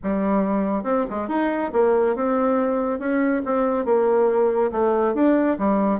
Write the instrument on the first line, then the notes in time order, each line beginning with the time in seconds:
bassoon
0.03 G3
0.83 C4
1.09 G#3
1.28 D#4
1.73 A#3
2.15 C4
2.99 C#4
3.45 C4
3.85 A#3
4.71 A3
5.14 D4
5.58 G3